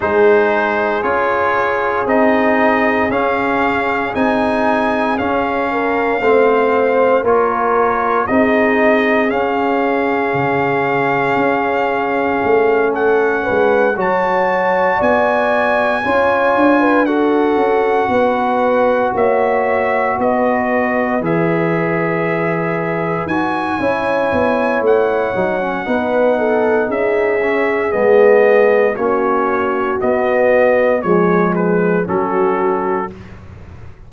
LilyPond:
<<
  \new Staff \with { instrumentName = "trumpet" } { \time 4/4 \tempo 4 = 58 c''4 cis''4 dis''4 f''4 | gis''4 f''2 cis''4 | dis''4 f''2.~ | f''8 fis''4 a''4 gis''4.~ |
gis''8 fis''2 e''4 dis''8~ | dis''8 e''2 gis''4. | fis''2 e''4 dis''4 | cis''4 dis''4 cis''8 b'8 a'4 | }
  \new Staff \with { instrumentName = "horn" } { \time 4/4 gis'1~ | gis'4. ais'8 c''4 ais'4 | gis'1~ | gis'8 a'8 b'8 cis''4 d''4 cis''8~ |
cis''16 b'16 a'4 b'4 cis''4 b'8~ | b'2. cis''4~ | cis''4 b'8 a'8 gis'2 | fis'2 gis'4 fis'4 | }
  \new Staff \with { instrumentName = "trombone" } { \time 4/4 dis'4 f'4 dis'4 cis'4 | dis'4 cis'4 c'4 f'4 | dis'4 cis'2.~ | cis'4. fis'2 f'8~ |
f'8 fis'2.~ fis'8~ | fis'8 gis'2 fis'8 e'4~ | e'8 dis'16 cis'16 dis'4. cis'8 b4 | cis'4 b4 gis4 cis'4 | }
  \new Staff \with { instrumentName = "tuba" } { \time 4/4 gis4 cis'4 c'4 cis'4 | c'4 cis'4 a4 ais4 | c'4 cis'4 cis4 cis'4 | a4 gis8 fis4 b4 cis'8 |
d'4 cis'8 b4 ais4 b8~ | b8 e2 dis'8 cis'8 b8 | a8 fis8 b4 cis'4 gis4 | ais4 b4 f4 fis4 | }
>>